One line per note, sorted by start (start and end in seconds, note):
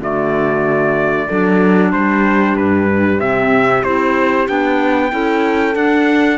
0.00 1.28 D3
0.00 1.29 A3
0.00 1.27 F#4
0.00 1.93 D5
1.27 1.93 F#3
1.27 3.21 D4
1.27 1.91 A4
1.93 2.57 G3
1.93 5.13 G4
1.93 2.56 C5
2.57 3.20 G2
2.57 3.20 B4
3.20 3.84 C3
3.20 3.85 C4
3.20 3.84 E5
3.84 4.48 C4
3.84 4.47 E4
3.84 4.48 C5
4.47 5.13 B3
4.47 5.10 D4
4.47 5.76 G5
5.10 5.76 C#4
5.10 5.74 E4
5.10 6.38 A4
5.75 6.38 D4
5.75 6.38 F#5